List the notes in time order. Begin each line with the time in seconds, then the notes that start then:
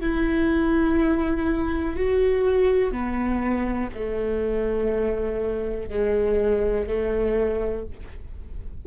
0.00 E4
1.95 F#4
2.91 B3
3.94 A3
5.89 G#3
6.87 A3